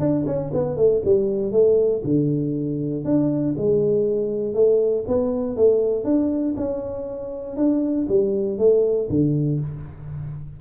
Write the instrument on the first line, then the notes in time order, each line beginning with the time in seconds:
tuba
0.00 D4
0.26 C#4
0.54 B3
0.77 A3
1.05 G3
1.52 A3
2.04 D3
3.05 D4
3.58 G#3
4.54 A3
5.08 B3
5.57 A3
6.04 D4
6.57 C#4
7.57 D4
8.09 G3
8.59 A3
9.10 D3